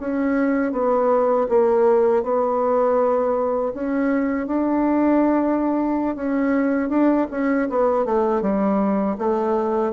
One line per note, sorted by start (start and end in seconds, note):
0.00 0.72 C#4
0.72 1.47 B3
1.49 2.23 A#3
2.23 3.73 B3
3.74 4.47 C#4
4.47 6.16 D4
6.16 6.89 C#4
6.89 7.27 D4
7.31 7.68 C#4
7.69 8.05 B3
8.05 8.42 A3
8.42 9.17 G3
9.18 9.92 A3